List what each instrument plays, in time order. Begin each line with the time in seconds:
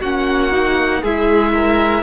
0.00 cello A#3, viola C#4, violin F#4 F#5
0.51 viola D#4
1.01 cello G#3, viola E4, violin G#4 E5
1.53 violin A#4